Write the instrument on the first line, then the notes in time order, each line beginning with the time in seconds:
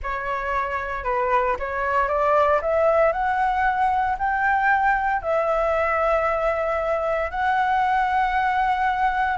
flute
0.02 C#5
1.04 B4
1.59 C#5
2.08 D5
2.61 E5
3.12 F#5
4.18 G5
5.22 E5
7.30 F#5